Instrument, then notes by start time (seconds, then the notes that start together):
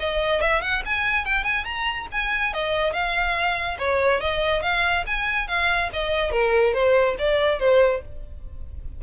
violin
0.00 D#5
0.41 E5
0.62 F#5
0.85 G#5
1.25 G5
1.44 G#5
1.65 A#5
2.12 G#5
2.54 D#5
2.93 F5
3.79 C#5
4.21 D#5
4.62 F5
5.07 G#5
5.48 F5
5.93 D#5
6.32 A#4
6.74 C5
7.19 D5
7.59 C5